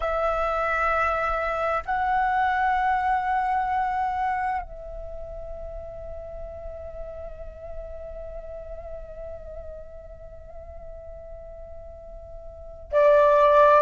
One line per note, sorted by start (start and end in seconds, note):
0.00 1.83 E5
1.85 4.62 F#5
4.62 12.92 E5
12.92 13.81 D5